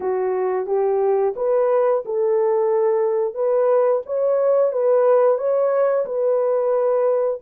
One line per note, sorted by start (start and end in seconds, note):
0.00 0.66 F#4
0.66 1.33 G4
1.36 2.03 B4
2.05 3.34 A4
3.34 4.01 B4
4.06 4.72 C#5
4.72 5.37 B4
5.37 6.05 C#5
6.05 7.40 B4